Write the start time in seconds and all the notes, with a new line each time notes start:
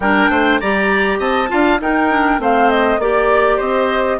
0.00 G3 D4 A#4 G5
0.29 A3 C5
0.59 G3 G4 D5 A#5
1.19 C4 D#5 A5
1.48 D4 F4 F5
1.79 D#4 A#4 G5
2.10 D4
2.39 A3 C4 C5 F5
2.69 D#5
2.98 A#3 G4 D5
3.56 C4 C5 D#5